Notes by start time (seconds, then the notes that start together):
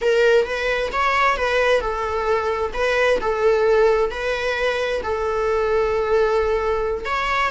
0.01 A#4
0.45 B4
0.92 C#5
1.36 B4
1.81 A4
2.73 B4
3.20 A4
4.10 B4
5.03 A4
7.05 C#5